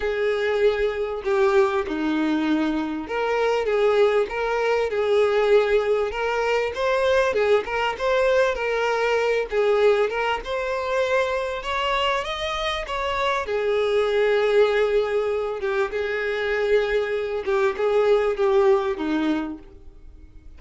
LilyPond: \new Staff \with { instrumentName = "violin" } { \time 4/4 \tempo 4 = 98 gis'2 g'4 dis'4~ | dis'4 ais'4 gis'4 ais'4 | gis'2 ais'4 c''4 | gis'8 ais'8 c''4 ais'4. gis'8~ |
gis'8 ais'8 c''2 cis''4 | dis''4 cis''4 gis'2~ | gis'4. g'8 gis'2~ | gis'8 g'8 gis'4 g'4 dis'4 | }